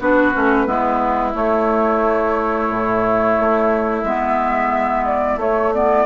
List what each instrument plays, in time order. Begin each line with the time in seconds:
0.00 bassoon B3, clarinet D4, oboe F#4, flute B4
0.32 bassoon A3, clarinet C#4
0.65 bassoon G#3, clarinet B3, oboe E4
1.33 clarinet A3, bassoon A3, flute C#5
2.69 bassoon A2
3.39 bassoon A3
4.03 bassoon G#3, clarinet B3, flute E5
5.05 flute D5
5.36 bassoon A3, clarinet A3, flute C#5
5.73 clarinet B3, flute D5